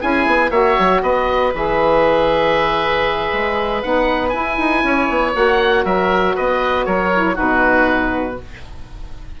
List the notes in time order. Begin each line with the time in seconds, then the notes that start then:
0.00 C#4 E4 G#4 G#5
0.26 B3
0.50 A#3 F#4 C#5 E5
0.78 F#3
1.02 B3 B4 D#5
1.53 E3 G#4 E5
3.32 G#3
3.82 B3 D#4 F#5
4.29 E4 G#5
4.57 D#4
4.83 C#4 C#5
5.09 B3
5.33 A#3 F#4 F#5
5.84 F#3 A#4 E5
6.34 B3 B4 D#5
6.85 F#3 A#4 C#5
7.13 E4
7.34 B2 D#4 F#4 B4